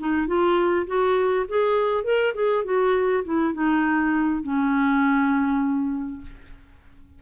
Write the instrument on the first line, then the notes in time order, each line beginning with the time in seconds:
clarinet
0.00 D#4
0.28 F4
0.87 F#4
1.49 G#4
2.04 A#4
2.35 G#4
2.65 F#4
3.25 E4
3.54 D#4
4.43 C#4